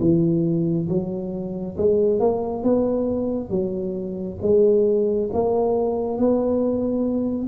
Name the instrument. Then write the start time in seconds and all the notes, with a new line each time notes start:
tuba
0.00 E3
0.88 F#3
1.77 G#3
2.20 A#3
2.63 B3
3.50 F#3
4.42 G#3
5.33 A#3
6.18 B3